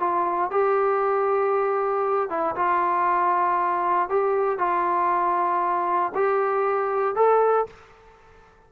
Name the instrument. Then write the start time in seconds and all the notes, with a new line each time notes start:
trombone
0.00 F4
0.51 G4
2.30 E4
2.56 F4
4.09 G4
4.59 F4
6.15 G4
7.16 A4